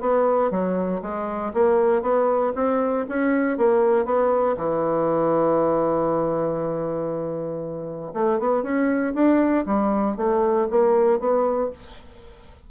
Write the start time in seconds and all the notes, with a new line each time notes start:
0.00 B3
0.51 F#3
1.02 G#3
1.53 A#3
2.02 B3
2.55 C4
3.09 C#4
3.57 A#3
4.05 B3
4.56 E3
8.13 A3
8.39 B3
8.63 C#4
9.14 D4
9.66 G3
10.17 A3
10.70 A#3
11.20 B3